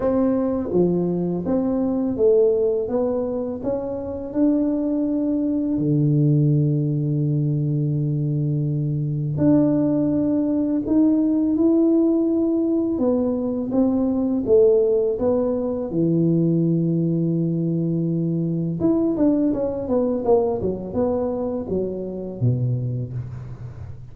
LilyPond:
\new Staff \with { instrumentName = "tuba" } { \time 4/4 \tempo 4 = 83 c'4 f4 c'4 a4 | b4 cis'4 d'2 | d1~ | d4 d'2 dis'4 |
e'2 b4 c'4 | a4 b4 e2~ | e2 e'8 d'8 cis'8 b8 | ais8 fis8 b4 fis4 b,4 | }